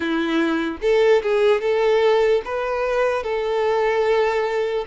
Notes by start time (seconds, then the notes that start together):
0.00 E4
0.81 A4
1.22 G#4
1.61 A4
2.45 B4
3.22 A4